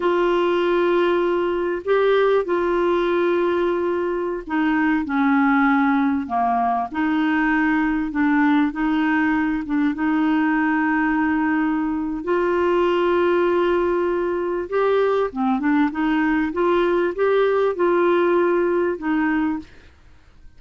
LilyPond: \new Staff \with { instrumentName = "clarinet" } { \time 4/4 \tempo 4 = 98 f'2. g'4 | f'2.~ f'16 dis'8.~ | dis'16 cis'2 ais4 dis'8.~ | dis'4~ dis'16 d'4 dis'4. d'16~ |
d'16 dis'2.~ dis'8. | f'1 | g'4 c'8 d'8 dis'4 f'4 | g'4 f'2 dis'4 | }